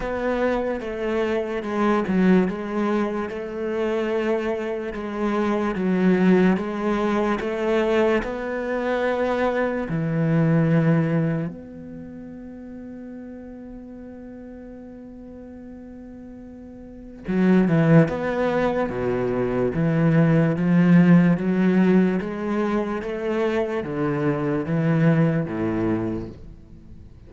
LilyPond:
\new Staff \with { instrumentName = "cello" } { \time 4/4 \tempo 4 = 73 b4 a4 gis8 fis8 gis4 | a2 gis4 fis4 | gis4 a4 b2 | e2 b2~ |
b1~ | b4 fis8 e8 b4 b,4 | e4 f4 fis4 gis4 | a4 d4 e4 a,4 | }